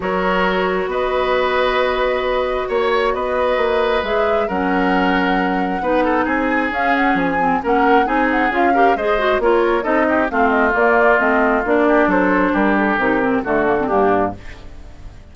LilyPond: <<
  \new Staff \with { instrumentName = "flute" } { \time 4/4 \tempo 4 = 134 cis''2 dis''2~ | dis''2 cis''4 dis''4~ | dis''4 e''4 fis''2~ | fis''2 gis''4 f''8 fis''8 |
gis''4 fis''4 gis''8 fis''8 f''4 | dis''4 cis''4 dis''4 f''8 dis''8 | d''4 dis''4 d''4 c''4 | ais'8 a'8 ais'4 a'4 g'4 | }
  \new Staff \with { instrumentName = "oboe" } { \time 4/4 ais'2 b'2~ | b'2 cis''4 b'4~ | b'2 ais'2~ | ais'4 b'8 a'8 gis'2~ |
gis'4 ais'4 gis'4. ais'8 | c''4 ais'4 a'8 g'8 f'4~ | f'2~ f'8 g'8 a'4 | g'2 fis'4 d'4 | }
  \new Staff \with { instrumentName = "clarinet" } { \time 4/4 fis'1~ | fis'1~ | fis'4 gis'4 cis'2~ | cis'4 dis'2 cis'4~ |
cis'8 c'8 cis'4 dis'4 f'8 g'8 | gis'8 fis'8 f'4 dis'4 c'4 | ais4 c'4 d'2~ | d'4 dis'8 c'8 a8 ais16 c'16 ais4 | }
  \new Staff \with { instrumentName = "bassoon" } { \time 4/4 fis2 b2~ | b2 ais4 b4 | ais4 gis4 fis2~ | fis4 b4 c'4 cis'4 |
f4 ais4 c'4 cis'4 | gis4 ais4 c'4 a4 | ais4 a4 ais4 fis4 | g4 c4 d4 g,4 | }
>>